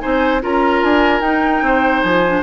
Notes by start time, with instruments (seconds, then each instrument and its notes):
0.00 bassoon C4, clarinet D#4, oboe C5, flute G#5
0.41 bassoon C#4, clarinet F4, oboe A#4, flute A#5
0.83 bassoon D4, flute G#5
1.20 bassoon D#4, clarinet D#4, flute G5
1.62 bassoon C4, oboe C5
2.02 bassoon F3, flute G#5
2.27 clarinet D4